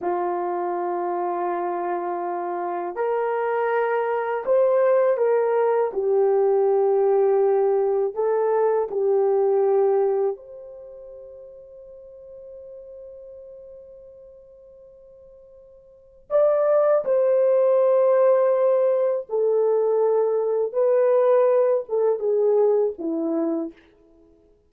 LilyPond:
\new Staff \with { instrumentName = "horn" } { \time 4/4 \tempo 4 = 81 f'1 | ais'2 c''4 ais'4 | g'2. a'4 | g'2 c''2~ |
c''1~ | c''2 d''4 c''4~ | c''2 a'2 | b'4. a'8 gis'4 e'4 | }